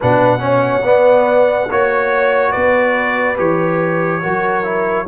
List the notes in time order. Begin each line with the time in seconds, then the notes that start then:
0.00 B2 D4 B4 F#5
0.39 C#4 C#5
0.83 B3 D5
1.70 A#3 F#4 C#5
2.51 B3 B4 D5
3.36 E3 G4 C#5
4.22 F#3 F#4 A#4
4.63 E4